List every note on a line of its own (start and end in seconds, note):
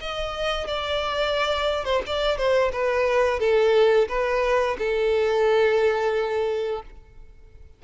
0.00 0.67 D#5
0.67 1.84 D5
1.84 2.01 C5
2.06 2.37 D5
2.37 2.71 C5
2.72 3.39 B4
3.39 4.08 A4
4.08 4.76 B4
4.78 6.82 A4